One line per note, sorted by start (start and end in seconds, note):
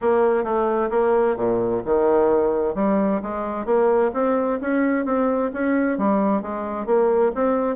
0.01 0.44 A#3
0.44 0.89 A3
0.90 1.36 A#3
1.36 1.82 A#2
1.85 2.75 D#3
2.75 3.20 G3
3.22 3.65 G#3
3.65 4.11 A#3
4.13 4.59 C4
4.61 5.05 C#4
5.05 5.50 C4
5.53 5.98 C#4
5.98 6.42 G3
6.42 6.86 G#3
6.86 7.32 A#3
7.34 7.76 C4